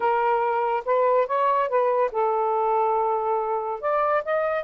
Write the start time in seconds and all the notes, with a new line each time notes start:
0.00 A#4
0.85 B4
1.26 C#5
1.68 B4
2.11 A4
3.80 D5
4.24 D#5